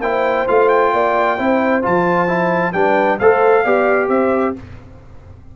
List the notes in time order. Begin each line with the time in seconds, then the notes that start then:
0.00 A#3 E4 C5 G5
0.47 A3 F4 F5
0.68 G5
0.93 A#3 D5
1.37 C4 E4 C5
1.82 F3 F4 A5
2.27 E4
2.73 G3 D4 B4 G5
3.18 A3 A4 C5 F5
3.63 B3 G4 D5
4.08 C4 C5 E5